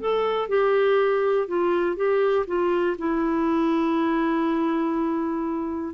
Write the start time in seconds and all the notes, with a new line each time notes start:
0.00 A4
0.48 G4
1.48 F4
1.96 G4
2.47 F4
2.98 E4